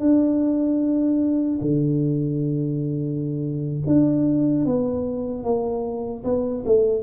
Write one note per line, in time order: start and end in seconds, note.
0.00 1.60 D4
1.61 3.81 D3
3.87 4.65 D4
4.65 5.44 B3
5.44 6.24 A#3
6.24 6.64 B3
6.66 7.03 A3